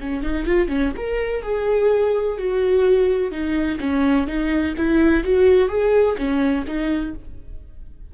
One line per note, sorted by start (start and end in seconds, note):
0.00 0.23 C#4
0.23 0.46 D#4
0.46 0.68 F4
0.68 0.92 C#4
0.97 1.42 A#4
1.42 2.37 G#4
2.38 3.31 F#4
3.31 3.79 D#4
3.80 4.27 C#4
4.27 4.74 D#4
4.77 5.24 E4
5.24 5.68 F#4
5.68 6.16 G#4
6.17 6.65 C#4
6.66 7.14 D#4